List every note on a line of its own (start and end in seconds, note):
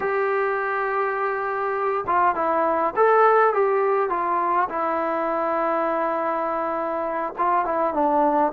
0.00 2.04 G4
2.06 2.35 F4
2.35 2.94 E4
2.95 3.53 A4
3.53 4.09 G4
4.09 4.68 F4
4.69 7.33 E4
7.38 7.65 F4
7.65 7.93 E4
7.93 8.52 D4